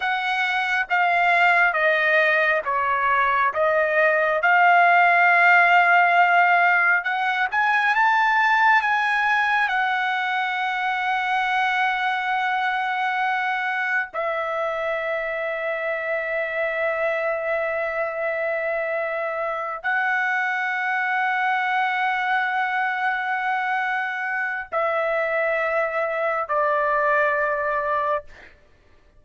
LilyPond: \new Staff \with { instrumentName = "trumpet" } { \time 4/4 \tempo 4 = 68 fis''4 f''4 dis''4 cis''4 | dis''4 f''2. | fis''8 gis''8 a''4 gis''4 fis''4~ | fis''1 |
e''1~ | e''2~ e''8 fis''4.~ | fis''1 | e''2 d''2 | }